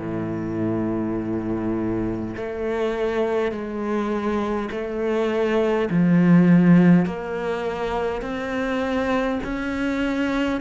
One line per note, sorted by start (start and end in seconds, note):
0.00 2.35 A2
2.36 3.51 A3
3.51 4.69 G#3
4.71 5.89 A3
5.90 7.06 F3
7.06 8.21 A#3
8.21 9.39 C4
9.44 10.61 C#4